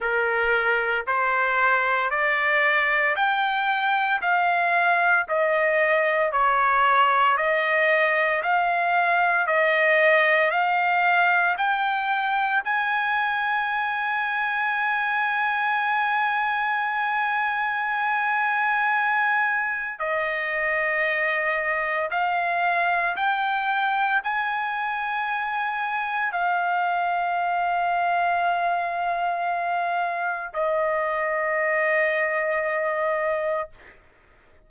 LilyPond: \new Staff \with { instrumentName = "trumpet" } { \time 4/4 \tempo 4 = 57 ais'4 c''4 d''4 g''4 | f''4 dis''4 cis''4 dis''4 | f''4 dis''4 f''4 g''4 | gis''1~ |
gis''2. dis''4~ | dis''4 f''4 g''4 gis''4~ | gis''4 f''2.~ | f''4 dis''2. | }